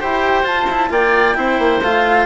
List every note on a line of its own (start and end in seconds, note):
0.00 0.43 E4
0.00 0.44 G4
0.00 0.90 C5
0.00 0.47 G5
0.43 0.88 F4
0.43 0.66 F4
0.43 0.92 A5
0.70 0.90 E4
0.90 1.36 A#3
0.90 1.35 F4
0.90 1.37 D5
0.90 1.82 G5
1.35 1.59 C4
1.35 1.80 E4
1.35 2.26 C5
1.59 1.81 A#3
1.81 2.26 A3
1.81 2.26 F4
1.81 2.26 F5